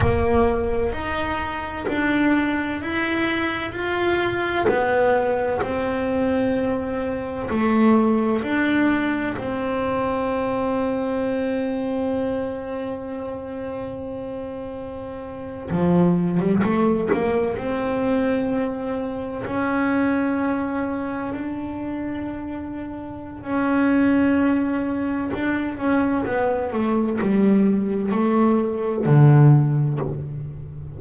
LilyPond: \new Staff \with { instrumentName = "double bass" } { \time 4/4 \tempo 4 = 64 ais4 dis'4 d'4 e'4 | f'4 b4 c'2 | a4 d'4 c'2~ | c'1~ |
c'8. f8. g16 a8 ais8 c'4~ c'16~ | c'8. cis'2 d'4~ d'16~ | d'4 cis'2 d'8 cis'8 | b8 a8 g4 a4 d4 | }